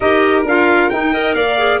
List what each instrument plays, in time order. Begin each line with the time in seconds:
0.00 tuba D#4, clarinet G4, violin A#4, trumpet D#5
0.44 tuba D4, clarinet F4, trumpet F5
0.89 tuba D#4, clarinet D#4, trumpet G5
1.11 clarinet A#4, violin D#5
1.33 tuba A#3, violin D5, trumpet F5
1.58 clarinet G#4